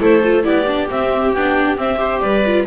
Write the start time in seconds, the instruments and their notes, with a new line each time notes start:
0.00 double bass A3, viola E4 A4, clarinet C5
0.24 viola F4
0.43 double bass B3, viola E4 G4, clarinet D5
0.67 viola D4
0.90 viola C4, double bass C4, clarinet E5
1.33 double bass B3, viola D4, clarinet G5
1.77 double bass C4, viola C4, clarinet E5
1.97 viola G4 C5
2.20 double bass G3, viola B4, clarinet D5
2.46 viola F4